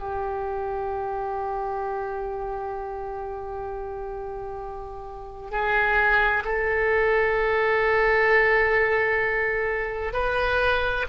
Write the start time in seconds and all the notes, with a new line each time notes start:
0.00 G4
5.51 G#4
6.45 A4
10.13 B4